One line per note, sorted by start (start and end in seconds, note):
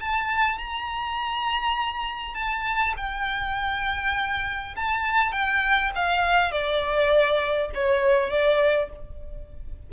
0.00 0.58 A5
0.58 2.35 A#5
2.35 2.94 A5
2.97 4.75 G5
4.76 5.32 A5
5.32 5.91 G5
5.95 6.52 F5
6.52 7.70 D5
7.74 8.30 C#5
8.30 8.89 D5